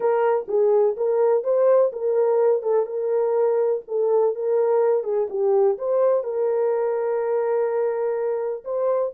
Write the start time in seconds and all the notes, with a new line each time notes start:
0.00 A#4
0.48 G#4
0.96 A#4
1.43 C5
1.92 A#4
2.62 A4
2.85 A#4
3.87 A4
4.35 A#4
5.03 G#4
5.29 G4
5.78 C5
6.23 A#4
8.64 C5